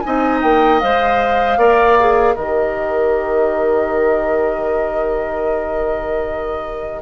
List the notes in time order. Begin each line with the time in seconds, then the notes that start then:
0.00 D#4 G#5
0.06 C4 D#5
0.42 A#3 G5
0.80 G#3 C5 F5
1.57 A#3 A#4 D5
2.00 G#4
2.35 D#3 G4 A#4 D#5